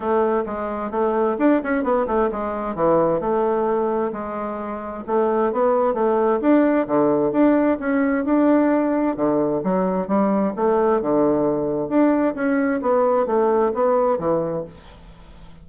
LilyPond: \new Staff \with { instrumentName = "bassoon" } { \time 4/4 \tempo 4 = 131 a4 gis4 a4 d'8 cis'8 | b8 a8 gis4 e4 a4~ | a4 gis2 a4 | b4 a4 d'4 d4 |
d'4 cis'4 d'2 | d4 fis4 g4 a4 | d2 d'4 cis'4 | b4 a4 b4 e4 | }